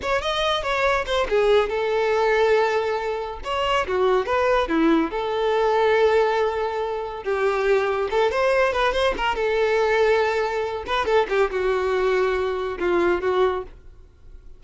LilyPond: \new Staff \with { instrumentName = "violin" } { \time 4/4 \tempo 4 = 141 cis''8 dis''4 cis''4 c''8 gis'4 | a'1 | cis''4 fis'4 b'4 e'4 | a'1~ |
a'4 g'2 a'8 c''8~ | c''8 b'8 c''8 ais'8 a'2~ | a'4. b'8 a'8 g'8 fis'4~ | fis'2 f'4 fis'4 | }